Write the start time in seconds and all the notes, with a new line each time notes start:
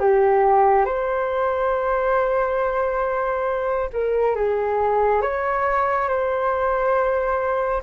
0.00 G4
0.86 C5
3.93 A#4
4.36 G#4
5.22 C#5
6.09 C5